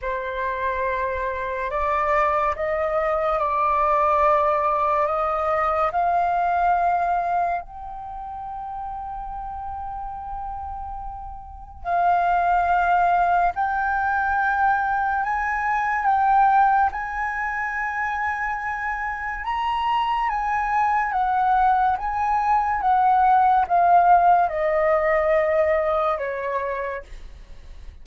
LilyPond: \new Staff \with { instrumentName = "flute" } { \time 4/4 \tempo 4 = 71 c''2 d''4 dis''4 | d''2 dis''4 f''4~ | f''4 g''2.~ | g''2 f''2 |
g''2 gis''4 g''4 | gis''2. ais''4 | gis''4 fis''4 gis''4 fis''4 | f''4 dis''2 cis''4 | }